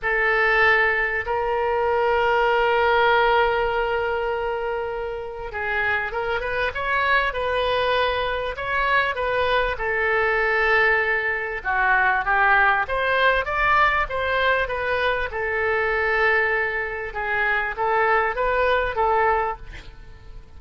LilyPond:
\new Staff \with { instrumentName = "oboe" } { \time 4/4 \tempo 4 = 98 a'2 ais'2~ | ais'1~ | ais'4 gis'4 ais'8 b'8 cis''4 | b'2 cis''4 b'4 |
a'2. fis'4 | g'4 c''4 d''4 c''4 | b'4 a'2. | gis'4 a'4 b'4 a'4 | }